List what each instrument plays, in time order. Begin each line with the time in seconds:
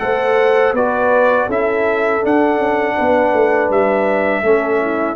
0.00 tuba A3, trombone A4, horn C5, trumpet F#5
0.73 tuba B3, trombone F#4, horn B4, trumpet D5
1.47 tuba C#4, trombone E4, horn A4, trumpet E5
2.22 trombone D4, tuba D4, trumpet F#5
2.58 tuba C#4
2.95 tuba B3, horn B4
3.34 tuba A3
3.71 tuba G3, trumpet E5
4.43 tuba A3, trombone C#4, horn A4
4.81 horn E4